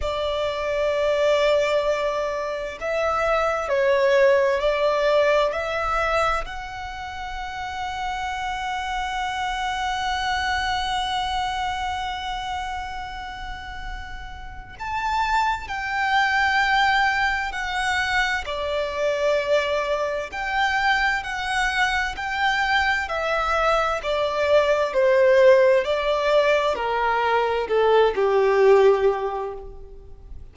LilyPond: \new Staff \with { instrumentName = "violin" } { \time 4/4 \tempo 4 = 65 d''2. e''4 | cis''4 d''4 e''4 fis''4~ | fis''1~ | fis''1 |
a''4 g''2 fis''4 | d''2 g''4 fis''4 | g''4 e''4 d''4 c''4 | d''4 ais'4 a'8 g'4. | }